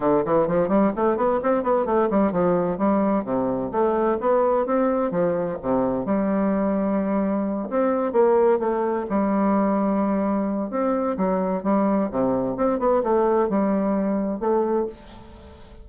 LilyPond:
\new Staff \with { instrumentName = "bassoon" } { \time 4/4 \tempo 4 = 129 d8 e8 f8 g8 a8 b8 c'8 b8 | a8 g8 f4 g4 c4 | a4 b4 c'4 f4 | c4 g2.~ |
g8 c'4 ais4 a4 g8~ | g2. c'4 | fis4 g4 c4 c'8 b8 | a4 g2 a4 | }